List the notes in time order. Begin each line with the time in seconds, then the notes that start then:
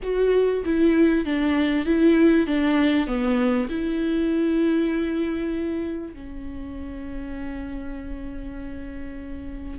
0.02 F#4
0.65 E4
1.25 D4
1.85 E4
2.46 D4
3.07 B3
3.69 E4
6.13 C#4